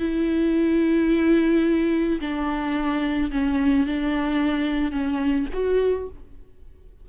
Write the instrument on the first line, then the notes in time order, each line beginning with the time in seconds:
viola
0.00 E4
2.21 D4
3.32 C#4
3.87 D4
4.92 C#4
5.54 F#4